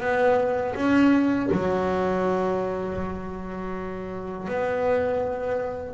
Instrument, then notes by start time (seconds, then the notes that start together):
double bass
0.00 B3
0.75 C#4
1.51 F#3
4.48 B3